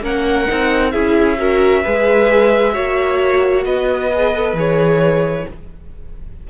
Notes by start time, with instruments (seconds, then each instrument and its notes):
0.00 cello A#3, viola C#4, violin A#4 F#5
0.47 cello C4, viola D#4
0.91 cello C#4, viola E4, violin G#4 E5
1.38 viola F#4, violin A#4
1.82 cello G#3, viola G#4, violin B4
2.73 cello A#3, viola F#4, violin C#5
3.64 cello B3, violin B4 D#5
4.13 viola G#4
4.34 viola A4
4.53 cello E3, viola G#4, violin C#5